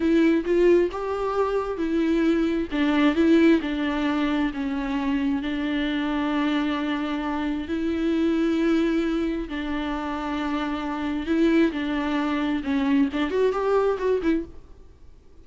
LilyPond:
\new Staff \with { instrumentName = "viola" } { \time 4/4 \tempo 4 = 133 e'4 f'4 g'2 | e'2 d'4 e'4 | d'2 cis'2 | d'1~ |
d'4 e'2.~ | e'4 d'2.~ | d'4 e'4 d'2 | cis'4 d'8 fis'8 g'4 fis'8 e'8 | }